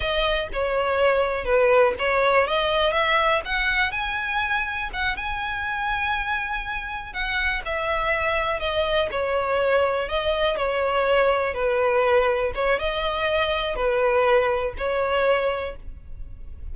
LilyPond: \new Staff \with { instrumentName = "violin" } { \time 4/4 \tempo 4 = 122 dis''4 cis''2 b'4 | cis''4 dis''4 e''4 fis''4 | gis''2 fis''8 gis''4.~ | gis''2~ gis''8 fis''4 e''8~ |
e''4. dis''4 cis''4.~ | cis''8 dis''4 cis''2 b'8~ | b'4. cis''8 dis''2 | b'2 cis''2 | }